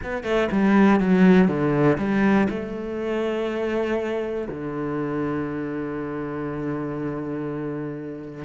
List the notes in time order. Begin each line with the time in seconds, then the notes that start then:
0.03 B3
0.23 A3
0.51 G3
0.99 F#3
1.48 D3
1.97 G3
2.49 A3
4.48 D3